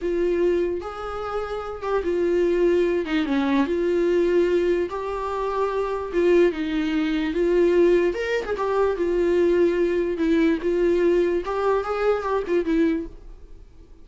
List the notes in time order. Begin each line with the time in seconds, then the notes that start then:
0.01 F4
0.80 G#4
1.82 G4
2.03 F4
3.05 D#4
3.25 C#4
3.66 F4
4.89 G4
6.12 F4
6.52 D#4
7.33 F4
8.14 A#4
8.45 G#4
8.57 G4
8.96 F4
10.17 E4
10.61 F4
11.45 G4
11.84 G#4
12.22 G4
12.47 F4
12.65 E4